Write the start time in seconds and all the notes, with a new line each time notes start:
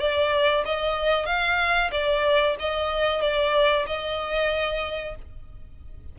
0.00 D5
0.66 D#5
1.26 F5
1.92 D5
2.60 D#5
3.21 D5
3.87 D#5